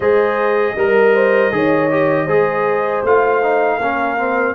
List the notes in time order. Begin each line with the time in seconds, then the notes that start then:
0.00 G#3 G#4 C5 D#5
0.75 G3 A#4
1.14 C5
1.51 D#3 G#4 C#5
1.90 G4
2.25 G#3 G#4 C5
3.03 A3 F4 F5
3.42 D#4
3.78 A#3 C#4 A#4
4.17 C4